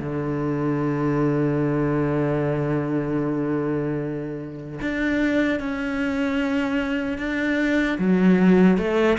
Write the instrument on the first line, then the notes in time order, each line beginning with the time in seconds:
cello
0.00 D3
4.81 D4
5.60 C#4
7.19 D4
7.99 F#3
8.78 A3